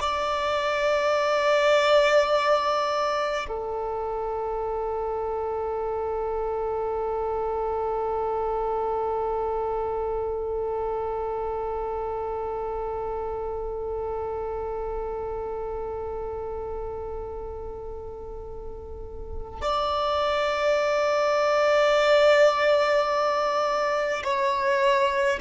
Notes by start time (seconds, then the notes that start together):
0.00 D5
3.48 A4
19.61 D5
24.23 C#5